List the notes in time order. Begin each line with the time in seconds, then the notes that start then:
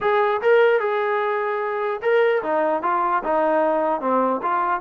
0.01 G#4
0.41 A#4
0.80 G#4
2.02 A#4
2.42 D#4
2.82 F4
3.23 D#4
4.00 C4
4.42 F4